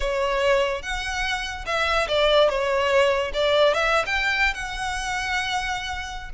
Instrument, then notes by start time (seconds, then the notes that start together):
violin
0.00 C#5
0.82 F#5
1.66 E5
2.07 D5
2.49 C#5
3.33 D5
3.74 E5
4.06 G5
4.54 F#5